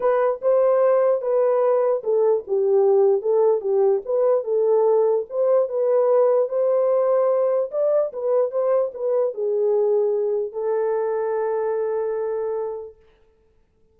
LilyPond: \new Staff \with { instrumentName = "horn" } { \time 4/4 \tempo 4 = 148 b'4 c''2 b'4~ | b'4 a'4 g'2 | a'4 g'4 b'4 a'4~ | a'4 c''4 b'2 |
c''2. d''4 | b'4 c''4 b'4 gis'4~ | gis'2 a'2~ | a'1 | }